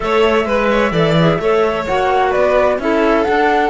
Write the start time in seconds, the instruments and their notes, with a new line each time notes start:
0.00 cello A3, clarinet A4, violin C#5, flute E5
0.45 cello G#3, violin B4, clarinet B4
0.71 violin C#5
0.91 cello E3, clarinet A4, violin D5
1.19 clarinet G#4
1.39 cello A3, clarinet A4, violin C#5
1.85 cello A#3, clarinet F#4, flute F#5
2.29 cello B3, violin B4, flute D5
2.78 cello C#4, clarinet E4, violin A4, flute E5
3.24 clarinet D4, cello D4, flute F#5